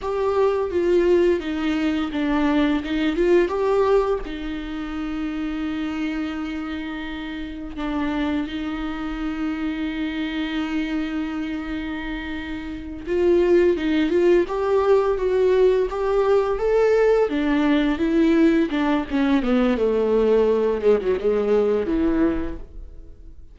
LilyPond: \new Staff \with { instrumentName = "viola" } { \time 4/4 \tempo 4 = 85 g'4 f'4 dis'4 d'4 | dis'8 f'8 g'4 dis'2~ | dis'2. d'4 | dis'1~ |
dis'2~ dis'8 f'4 dis'8 | f'8 g'4 fis'4 g'4 a'8~ | a'8 d'4 e'4 d'8 cis'8 b8 | a4. gis16 fis16 gis4 e4 | }